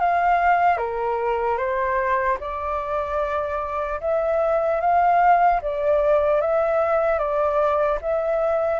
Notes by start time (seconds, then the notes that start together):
0.00 F5
0.78 A#4
1.58 C5
2.40 D5
4.01 E5
4.81 F5
5.62 D5
6.41 E5
7.19 D5
8.01 E5